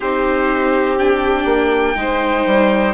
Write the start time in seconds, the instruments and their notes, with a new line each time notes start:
0.00 bassoon C4, viola D#4, violin G4, trumpet C5
0.98 viola D4, trumpet G5
1.45 bassoon A#3
1.95 bassoon G#3, viola D#4, violin C5
2.46 bassoon G3